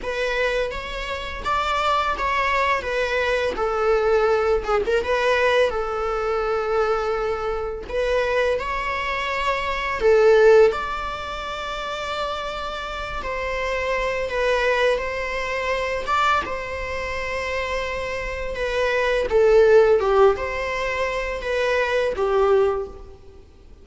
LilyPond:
\new Staff \with { instrumentName = "viola" } { \time 4/4 \tempo 4 = 84 b'4 cis''4 d''4 cis''4 | b'4 a'4. gis'16 ais'16 b'4 | a'2. b'4 | cis''2 a'4 d''4~ |
d''2~ d''8 c''4. | b'4 c''4. d''8 c''4~ | c''2 b'4 a'4 | g'8 c''4. b'4 g'4 | }